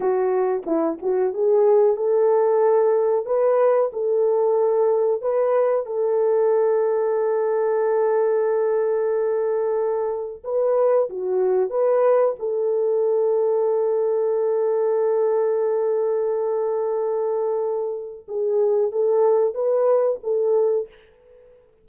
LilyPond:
\new Staff \with { instrumentName = "horn" } { \time 4/4 \tempo 4 = 92 fis'4 e'8 fis'8 gis'4 a'4~ | a'4 b'4 a'2 | b'4 a'2.~ | a'1 |
b'4 fis'4 b'4 a'4~ | a'1~ | a'1 | gis'4 a'4 b'4 a'4 | }